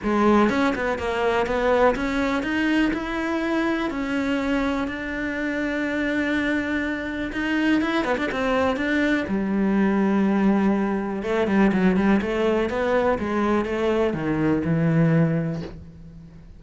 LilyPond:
\new Staff \with { instrumentName = "cello" } { \time 4/4 \tempo 4 = 123 gis4 cis'8 b8 ais4 b4 | cis'4 dis'4 e'2 | cis'2 d'2~ | d'2. dis'4 |
e'8 b16 d'16 c'4 d'4 g4~ | g2. a8 g8 | fis8 g8 a4 b4 gis4 | a4 dis4 e2 | }